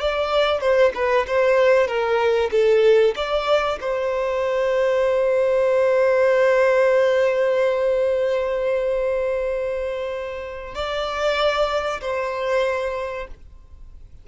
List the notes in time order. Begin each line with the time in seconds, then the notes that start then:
0.00 D5
0.61 C5
0.95 B4
1.27 C5
1.87 A#4
2.51 A4
3.16 D5
3.81 C5
10.74 D5
12.01 C5